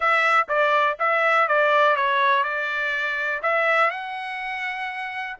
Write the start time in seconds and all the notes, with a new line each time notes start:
0.00 E5
0.48 D5
0.99 E5
1.47 D5
1.96 C#5
2.43 D5
3.42 E5
3.90 F#5